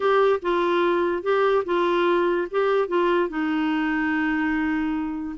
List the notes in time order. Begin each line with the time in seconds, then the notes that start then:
0.00 G4
0.42 F4
1.22 G4
1.65 F4
2.50 G4
2.88 F4
3.29 D#4